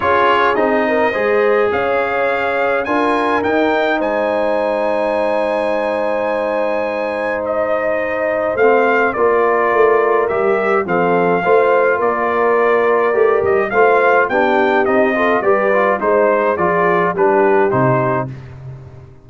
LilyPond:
<<
  \new Staff \with { instrumentName = "trumpet" } { \time 4/4 \tempo 4 = 105 cis''4 dis''2 f''4~ | f''4 gis''4 g''4 gis''4~ | gis''1~ | gis''4 dis''2 f''4 |
d''2 e''4 f''4~ | f''4 d''2~ d''8 dis''8 | f''4 g''4 dis''4 d''4 | c''4 d''4 b'4 c''4 | }
  \new Staff \with { instrumentName = "horn" } { \time 4/4 gis'4. ais'8 c''4 cis''4~ | cis''4 ais'2 c''4~ | c''1~ | c''1 |
ais'2. a'4 | c''4 ais'2. | c''4 g'4. a'8 b'4 | c''4 gis'4 g'2 | }
  \new Staff \with { instrumentName = "trombone" } { \time 4/4 f'4 dis'4 gis'2~ | gis'4 f'4 dis'2~ | dis'1~ | dis'2. c'4 |
f'2 g'4 c'4 | f'2. g'4 | f'4 d'4 dis'8 f'8 g'8 f'8 | dis'4 f'4 d'4 dis'4 | }
  \new Staff \with { instrumentName = "tuba" } { \time 4/4 cis'4 c'4 gis4 cis'4~ | cis'4 d'4 dis'4 gis4~ | gis1~ | gis2. a4 |
ais4 a4 g4 f4 | a4 ais2 a8 g8 | a4 b4 c'4 g4 | gis4 f4 g4 c4 | }
>>